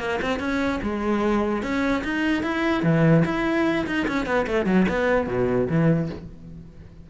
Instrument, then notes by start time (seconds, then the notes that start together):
cello
0.00 A#3
0.22 C4
0.40 C#4
0.83 G#3
1.63 C#4
2.05 D#4
2.44 E4
2.84 E3
3.26 E4
3.87 D#4
4.08 C#4
4.27 B3
4.47 A3
4.66 F#3
4.89 B3
5.28 B2
5.69 E3